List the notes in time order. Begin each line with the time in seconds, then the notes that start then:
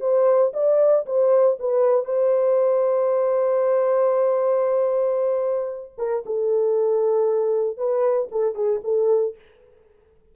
0.00 C5
0.53 D5
1.06 C5
1.59 B4
2.05 C5
5.97 A#4
6.25 A4
7.77 B4
8.31 A4
8.55 G#4
8.83 A4